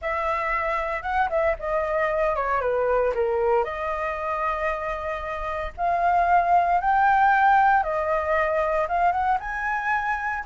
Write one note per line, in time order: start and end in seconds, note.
0.01 1.02 E5
1.02 1.28 F#5
1.29 1.55 E5
1.59 2.35 D#5
2.35 2.60 C#5
2.60 3.13 B4
3.14 3.64 A#4
3.64 5.72 D#5
5.77 6.80 F5
6.80 7.83 G5
7.83 8.87 D#5
8.88 9.12 F5
9.12 9.38 F#5
9.40 10.44 G#5